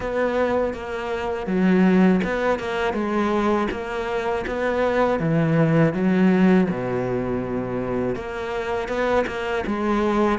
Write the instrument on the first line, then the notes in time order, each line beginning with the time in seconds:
cello
0.00 B3
0.73 A#3
1.46 F#3
2.24 B3
2.59 A#3
2.93 G#3
3.71 A#3
4.46 B3
5.19 E3
5.93 F#3
6.70 B2
8.15 A#3
8.88 B3
9.27 A#3
9.66 G#3